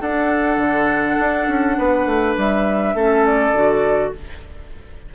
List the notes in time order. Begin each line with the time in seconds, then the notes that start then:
0.00 D4 A4 F#5
0.57 D3
1.19 D4
1.47 C#4
1.77 B3 B4
2.05 A3
2.36 G3 E5
2.94 A3 C#4 A4
3.25 D5
3.52 D3 F#4